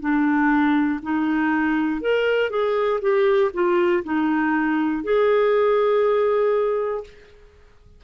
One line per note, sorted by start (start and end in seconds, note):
0.00 1.00 D4
1.02 2.00 D#4
2.00 2.50 A#4
2.50 3.00 G#4
3.01 3.51 G4
3.53 4.03 F4
4.04 5.04 D#4
5.04 7.04 G#4